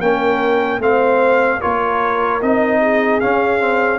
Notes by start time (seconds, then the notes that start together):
0.00 A#3 C#4 A#4 G5
0.80 A3 C4 C5 F5
1.61 A#3 F4 A#4 C#5
2.43 C4 D#4 D#5
2.81 G#4
3.21 C#4 F5
3.60 C4